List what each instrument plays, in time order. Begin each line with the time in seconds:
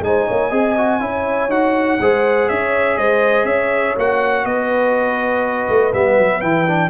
0.00 tuba G#3, trombone D#4, horn C5, trumpet G#5
0.27 tuba A#3, horn C#5
0.49 tuba C4, trombone G#4, horn D#5
0.77 trombone F#4
1.00 tuba C#4, trombone E4, horn C#5
1.49 tuba D#4, trombone F#4, trumpet F#5
2.00 tuba G#3, trombone G#4, horn C5
2.48 tuba C#4, horn C#5, trumpet E5
2.97 tuba G#3, horn C5, trumpet D#5
3.44 tuba C#4, horn C#5, trumpet E5
3.97 tuba A#3, trombone F#4, trumpet F#5
4.44 tuba B3, horn B4, trumpet D#5
5.69 tuba A3
5.93 tuba G3, trombone B3, trumpet E5
6.18 tuba F#3
6.41 tuba E3, trombone E4, trumpet G5
6.67 trombone D4